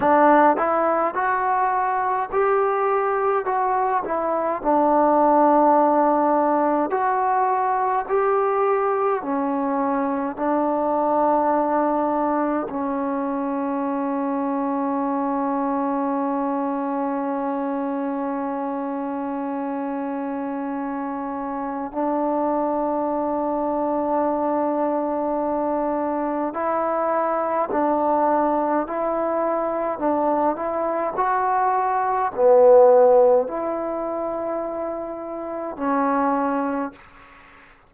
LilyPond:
\new Staff \with { instrumentName = "trombone" } { \time 4/4 \tempo 4 = 52 d'8 e'8 fis'4 g'4 fis'8 e'8 | d'2 fis'4 g'4 | cis'4 d'2 cis'4~ | cis'1~ |
cis'2. d'4~ | d'2. e'4 | d'4 e'4 d'8 e'8 fis'4 | b4 e'2 cis'4 | }